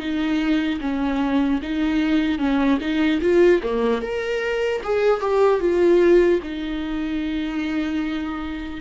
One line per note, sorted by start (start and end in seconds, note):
0.00 0.80 D#4
0.81 1.61 C#4
1.63 2.39 D#4
2.39 2.79 C#4
2.81 3.21 D#4
3.22 3.62 F4
3.63 4.02 A#3
4.02 4.82 A#4
4.84 5.21 G#4
5.21 5.61 G4
5.61 6.41 F4
6.43 8.81 D#4